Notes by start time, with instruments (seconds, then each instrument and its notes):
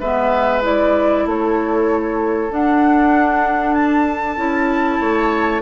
0.00 bassoon G#3, clarinet B3, oboe B4, flute E5
0.62 clarinet E4, flute D5
1.25 bassoon A3, oboe A4, flute C#5
2.49 clarinet D4, bassoon D4, flute F#5
3.74 flute A5
4.36 bassoon C#4, clarinet E4
5.00 bassoon A3, oboe C#5